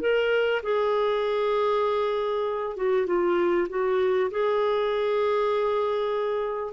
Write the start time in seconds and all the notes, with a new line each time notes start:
0.00 A#4
0.63 G#4
2.76 F#4
3.06 F4
3.69 F#4
4.31 G#4